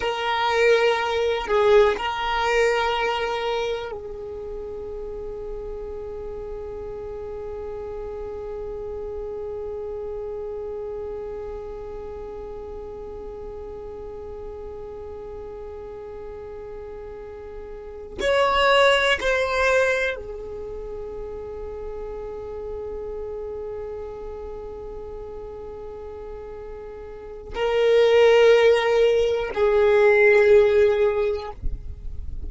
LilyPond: \new Staff \with { instrumentName = "violin" } { \time 4/4 \tempo 4 = 61 ais'4. gis'8 ais'2 | gis'1~ | gis'1~ | gis'1~ |
gis'2~ gis'8 cis''4 c''8~ | c''8 gis'2.~ gis'8~ | gis'1 | ais'2 gis'2 | }